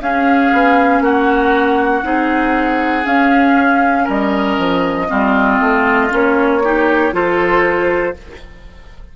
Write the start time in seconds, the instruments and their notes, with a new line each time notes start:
0.00 bassoon C#4, clarinet C#4, oboe G#4, flute F5
0.53 bassoon B3
1.01 bassoon A#3, oboe F#4, flute F#5
2.04 bassoon C4, clarinet D#4, oboe G#4
3.05 clarinet C#4, bassoon C#4, flute F5
4.04 bassoon G3, oboe A#4, flute D#5
4.58 bassoon F3
5.09 bassoon G3, clarinet C4, oboe F4
5.61 bassoon A3
6.10 bassoon A#3, clarinet C#4, flute C#5
6.64 clarinet D#4, oboe G4
7.13 bassoon F3, clarinet F4, oboe A4, flute C5